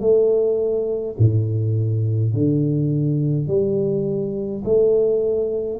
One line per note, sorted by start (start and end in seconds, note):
0.00 1.15 A3
1.19 2.33 A2
2.33 3.48 D3
3.48 4.63 G3
4.65 5.80 A3